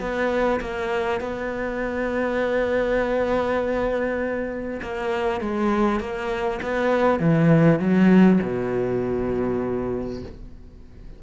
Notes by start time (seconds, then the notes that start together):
0.00 B3
0.60 A#3
1.20 B3
4.82 A#3
5.41 G#3
6.00 A#3
6.62 B3
7.19 E3
7.79 F#3
8.42 B2